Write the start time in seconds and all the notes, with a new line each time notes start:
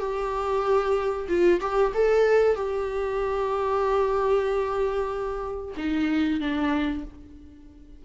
0.00 G4
1.29 F4
1.61 G4
1.95 A4
2.56 G4
5.77 D#4
6.41 D4